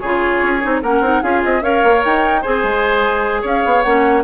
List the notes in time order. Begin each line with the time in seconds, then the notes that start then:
0.00 C#3 F4 G#4 C#5
0.42 C#4
0.61 C4 D#4
0.82 A#3 C#4 A#4 F#5
1.01 C4 D#4
1.22 C#4 F4 G#4 F5
1.43 C4 D#5
1.61 C#4 A#4 C#5 F5
1.84 A#3
2.05 D#4 G5
2.42 C4 G#4 C5 G#5
2.63 G#3
3.42 C#4 C#5 F5
3.65 B3
3.82 A#3 C#4 F#5